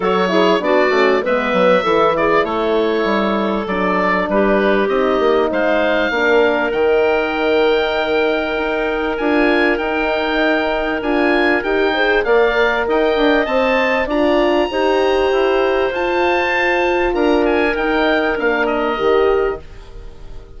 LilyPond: <<
  \new Staff \with { instrumentName = "oboe" } { \time 4/4 \tempo 4 = 98 cis''4 d''4 e''4. d''8 | cis''2 d''4 b'4 | dis''4 f''2 g''4~ | g''2. gis''4 |
g''2 gis''4 g''4 | f''4 g''4 a''4 ais''4~ | ais''2 a''2 | ais''8 gis''8 g''4 f''8 dis''4. | }
  \new Staff \with { instrumentName = "clarinet" } { \time 4/4 a'8 gis'8 fis'4 b'4 a'8 gis'8 | a'2. g'4~ | g'4 c''4 ais'2~ | ais'1~ |
ais'2.~ ais'8 c''8 | d''4 dis''2 d''4 | c''1 | ais'1 | }
  \new Staff \with { instrumentName = "horn" } { \time 4/4 fis'8 e'8 d'8 cis'8 b4 e'4~ | e'2 d'2 | dis'2 d'4 dis'4~ | dis'2. f'4 |
dis'2 f'4 g'8 gis'8 | ais'2 c''4 f'4 | g'2 f'2~ | f'4 dis'4 d'4 g'4 | }
  \new Staff \with { instrumentName = "bassoon" } { \time 4/4 fis4 b8 a8 gis8 fis8 e4 | a4 g4 fis4 g4 | c'8 ais8 gis4 ais4 dis4~ | dis2 dis'4 d'4 |
dis'2 d'4 dis'4 | ais4 dis'8 d'8 c'4 d'4 | dis'4 e'4 f'2 | d'4 dis'4 ais4 dis4 | }
>>